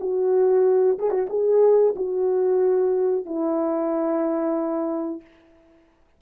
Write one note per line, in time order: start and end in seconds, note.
0.00 0.98 F#4
0.98 1.10 G#4
1.10 1.27 F#4
1.29 1.94 G#4
1.95 3.25 F#4
3.25 5.21 E4